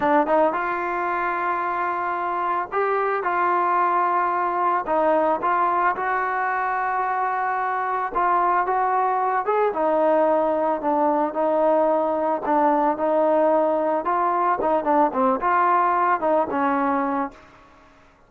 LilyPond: \new Staff \with { instrumentName = "trombone" } { \time 4/4 \tempo 4 = 111 d'8 dis'8 f'2.~ | f'4 g'4 f'2~ | f'4 dis'4 f'4 fis'4~ | fis'2. f'4 |
fis'4. gis'8 dis'2 | d'4 dis'2 d'4 | dis'2 f'4 dis'8 d'8 | c'8 f'4. dis'8 cis'4. | }